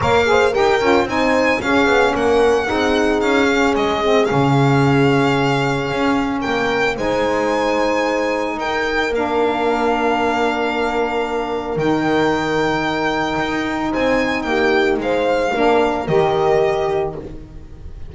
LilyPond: <<
  \new Staff \with { instrumentName = "violin" } { \time 4/4 \tempo 4 = 112 f''4 g''4 gis''4 f''4 | fis''2 f''4 dis''4 | f''1 | g''4 gis''2. |
g''4 f''2.~ | f''2 g''2~ | g''2 gis''4 g''4 | f''2 dis''2 | }
  \new Staff \with { instrumentName = "horn" } { \time 4/4 cis''8 c''8 ais'4 c''4 gis'4 | ais'4 gis'2.~ | gis'1 | ais'4 c''2. |
ais'1~ | ais'1~ | ais'2 c''4 g'4 | c''4 ais'2. | }
  \new Staff \with { instrumentName = "saxophone" } { \time 4/4 ais'8 gis'8 g'8 f'8 dis'4 cis'4~ | cis'4 dis'4. cis'4 c'8 | cis'1~ | cis'4 dis'2.~ |
dis'4 d'2.~ | d'2 dis'2~ | dis'1~ | dis'4 d'4 g'2 | }
  \new Staff \with { instrumentName = "double bass" } { \time 4/4 ais4 dis'8 cis'8 c'4 cis'8 b8 | ais4 c'4 cis'4 gis4 | cis2. cis'4 | ais4 gis2. |
dis'4 ais2.~ | ais2 dis2~ | dis4 dis'4 c'4 ais4 | gis4 ais4 dis2 | }
>>